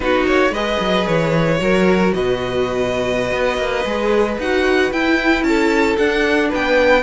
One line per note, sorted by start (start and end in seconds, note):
0.00 0.24 B3
0.00 0.52 D#4
0.00 0.51 F#4
0.00 0.25 B4
0.26 0.50 A#3
0.26 0.53 C#5
0.50 0.77 G#3
0.50 1.58 G#4
0.50 1.57 B4
0.50 1.06 D#5
0.80 1.06 F#3
1.06 1.60 E3
1.06 2.12 C#5
1.58 2.13 F#3
1.58 3.83 F#4
1.58 2.14 A#4
2.13 3.31 B2
2.13 5.47 B4
2.13 4.39 D#5
3.31 3.57 B3
3.57 3.84 A#3
3.84 4.37 G#3
3.84 4.38 G#4
4.38 4.91 D#4
4.38 4.92 F#4
4.38 4.92 F#5
4.92 5.43 E4
4.92 5.98 E4
4.92 5.43 G5
5.43 5.96 C#4
5.43 6.49 A4
5.43 5.96 A5
5.97 6.51 D4
5.97 7.02 D4
5.97 6.50 F#5
6.49 7.02 B3
6.49 7.02 B4
6.49 7.02 G5